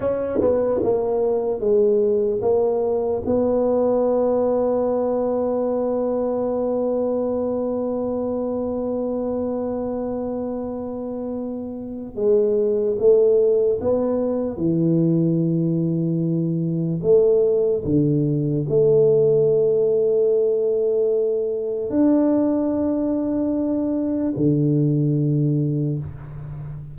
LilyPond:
\new Staff \with { instrumentName = "tuba" } { \time 4/4 \tempo 4 = 74 cis'8 b8 ais4 gis4 ais4 | b1~ | b1~ | b2. gis4 |
a4 b4 e2~ | e4 a4 d4 a4~ | a2. d'4~ | d'2 d2 | }